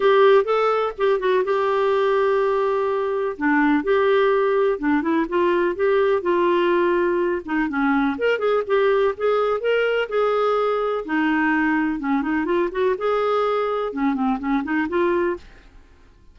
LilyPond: \new Staff \with { instrumentName = "clarinet" } { \time 4/4 \tempo 4 = 125 g'4 a'4 g'8 fis'8 g'4~ | g'2. d'4 | g'2 d'8 e'8 f'4 | g'4 f'2~ f'8 dis'8 |
cis'4 ais'8 gis'8 g'4 gis'4 | ais'4 gis'2 dis'4~ | dis'4 cis'8 dis'8 f'8 fis'8 gis'4~ | gis'4 cis'8 c'8 cis'8 dis'8 f'4 | }